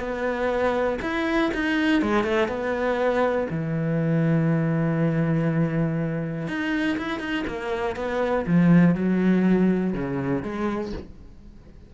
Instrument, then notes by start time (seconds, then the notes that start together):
cello
0.00 B3
1.02 E4
1.54 D#4
2.03 G#3
2.24 A3
2.49 B3
3.51 E3
6.48 D#4
6.98 E4
7.20 D#4
7.48 A#3
7.97 B3
8.47 F3
8.95 F#3
9.94 C#3
10.43 G#3